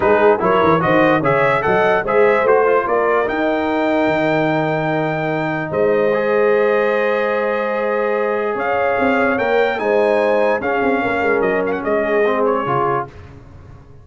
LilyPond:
<<
  \new Staff \with { instrumentName = "trumpet" } { \time 4/4 \tempo 4 = 147 b'4 cis''4 dis''4 e''4 | fis''4 e''4 c''4 d''4 | g''1~ | g''2 dis''2~ |
dis''1~ | dis''4 f''2 g''4 | gis''2 f''2 | dis''8 f''16 fis''16 dis''4. cis''4. | }
  \new Staff \with { instrumentName = "horn" } { \time 4/4 gis'4 ais'4 c''4 cis''4 | dis''4 c''2 ais'4~ | ais'1~ | ais'2 c''2~ |
c''1~ | c''4 cis''2. | c''2 gis'4 ais'4~ | ais'4 gis'2. | }
  \new Staff \with { instrumentName = "trombone" } { \time 4/4 dis'4 e'4 fis'4 gis'4 | a'4 gis'4 fis'8 f'4. | dis'1~ | dis'2. gis'4~ |
gis'1~ | gis'2. ais'4 | dis'2 cis'2~ | cis'2 c'4 f'4 | }
  \new Staff \with { instrumentName = "tuba" } { \time 4/4 gis4 fis8 e8 dis4 cis4 | fis4 gis4 a4 ais4 | dis'2 dis2~ | dis2 gis2~ |
gis1~ | gis4 cis'4 c'4 ais4 | gis2 cis'8 c'8 ais8 gis8 | fis4 gis2 cis4 | }
>>